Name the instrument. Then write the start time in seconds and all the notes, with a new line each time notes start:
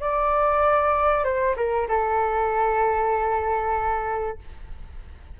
flute
0.00 D5
1.24 C5
1.56 A#4
1.88 A4